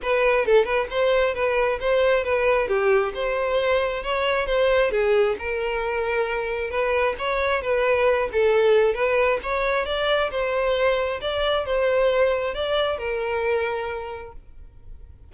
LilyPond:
\new Staff \with { instrumentName = "violin" } { \time 4/4 \tempo 4 = 134 b'4 a'8 b'8 c''4 b'4 | c''4 b'4 g'4 c''4~ | c''4 cis''4 c''4 gis'4 | ais'2. b'4 |
cis''4 b'4. a'4. | b'4 cis''4 d''4 c''4~ | c''4 d''4 c''2 | d''4 ais'2. | }